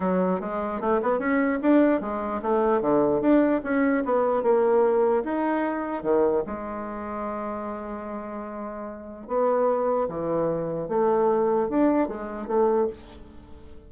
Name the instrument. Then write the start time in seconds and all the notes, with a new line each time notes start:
bassoon
0.00 F#3
0.40 G#3
0.80 A3
1.02 B3
1.19 C#4
1.62 D4
2.01 G#3
2.41 A3
2.81 D3
3.21 D4
3.63 C#4
4.05 B3
4.43 A#3
5.23 D#4
6.02 D#3
6.46 G#3
9.27 B3
10.08 E3
10.88 A3
11.69 D4
12.08 G#3
12.47 A3